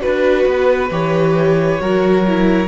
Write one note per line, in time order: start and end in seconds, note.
0.00 0.46 D4
0.00 0.90 F#4
0.00 0.91 B4
0.00 1.81 B4
0.46 0.90 B3
0.91 1.80 E3
0.91 1.81 G4
0.91 2.68 C#5
1.81 2.68 F#3
1.81 2.26 F#4
1.81 2.68 A#4
2.27 2.68 E4